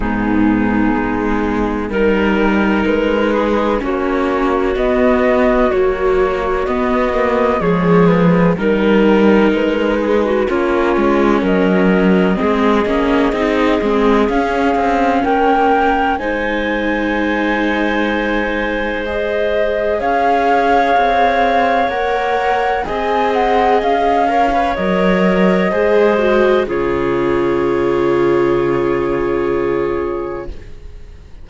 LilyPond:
<<
  \new Staff \with { instrumentName = "flute" } { \time 4/4 \tempo 4 = 63 gis'2 ais'4 b'4 | cis''4 dis''4 cis''4 dis''4 | cis''8 b'8 ais'4 b'4 cis''4 | dis''2. f''4 |
g''4 gis''2. | dis''4 f''2 fis''4 | gis''8 fis''8 f''4 dis''2 | cis''1 | }
  \new Staff \with { instrumentName = "clarinet" } { \time 4/4 dis'2 ais'4. gis'8 | fis'1 | gis'4 ais'4. gis'16 fis'16 f'4 | ais'4 gis'2. |
ais'4 c''2.~ | c''4 cis''2. | dis''4. cis''4. c''4 | gis'1 | }
  \new Staff \with { instrumentName = "viola" } { \time 4/4 b2 dis'2 | cis'4 b4 fis4 b8 ais8 | gis4 dis'2 cis'4~ | cis'4 c'8 cis'8 dis'8 c'8 cis'4~ |
cis'4 dis'2. | gis'2. ais'4 | gis'4. ais'16 b'16 ais'4 gis'8 fis'8 | f'1 | }
  \new Staff \with { instrumentName = "cello" } { \time 4/4 gis,4 gis4 g4 gis4 | ais4 b4 ais4 b4 | f4 g4 gis4 ais8 gis8 | fis4 gis8 ais8 c'8 gis8 cis'8 c'8 |
ais4 gis2.~ | gis4 cis'4 c'4 ais4 | c'4 cis'4 fis4 gis4 | cis1 | }
>>